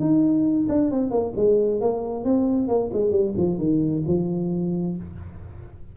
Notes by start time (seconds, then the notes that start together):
0.00 D#4
0.69 D4
0.91 C4
1.11 A#3
1.36 G#3
1.81 A#3
2.24 C4
2.68 A#3
2.93 G#3
3.11 G3
3.37 F3
3.58 D#3
4.07 F3